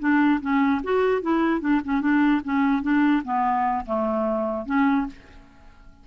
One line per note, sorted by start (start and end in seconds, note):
0.00 0.41 D4
0.41 0.82 C#4
0.84 1.22 F#4
1.22 1.61 E4
1.61 1.82 D4
1.85 2.01 C#4
2.01 2.42 D4
2.45 2.82 C#4
2.82 3.23 D4
3.25 3.85 B3
3.86 4.66 A3
4.66 5.07 C#4